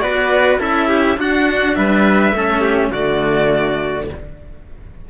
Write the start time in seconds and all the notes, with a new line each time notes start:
0.00 B3 F#4 B4 D5
0.59 C#4 E4 A4 E5
0.88 G4
1.17 D4 F#4 F#5
1.75 G3 B4 E5
2.32 A3 C#4 A4
2.61 G4
2.91 D3 A3 F#4 D5